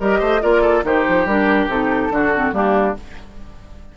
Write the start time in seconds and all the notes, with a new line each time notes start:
0.00 G3 G4 A#4 D#5
0.19 A3 C5
0.41 A#3 F4 A#4 D5
0.61 A4
0.83 D#3 D#4 G4 C5
1.09 F3
1.25 G3 D4 A#4
1.68 C3 D#4 A4
2.10 D3 D4 F#4
2.34 C4
2.52 G3 A#3 D4 G4